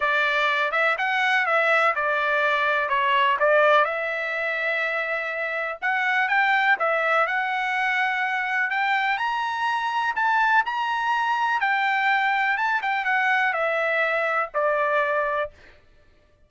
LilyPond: \new Staff \with { instrumentName = "trumpet" } { \time 4/4 \tempo 4 = 124 d''4. e''8 fis''4 e''4 | d''2 cis''4 d''4 | e''1 | fis''4 g''4 e''4 fis''4~ |
fis''2 g''4 ais''4~ | ais''4 a''4 ais''2 | g''2 a''8 g''8 fis''4 | e''2 d''2 | }